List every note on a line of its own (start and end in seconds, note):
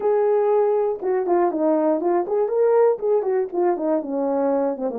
0.00 0.99 G#4
1.02 1.26 F#4
1.26 1.51 F4
1.51 2.00 D#4
2.00 2.25 F4
2.27 2.48 G#4
2.48 2.98 A#4
2.99 3.22 G#4
3.22 3.47 F#4
3.52 3.77 F4
3.77 4.02 D#4
4.02 4.77 C#4
4.77 4.89 C4
4.89 4.99 A#3